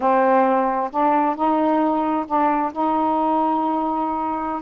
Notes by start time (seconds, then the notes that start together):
0.00 C4
0.91 D4
1.35 D#4
2.26 D4
2.72 D#4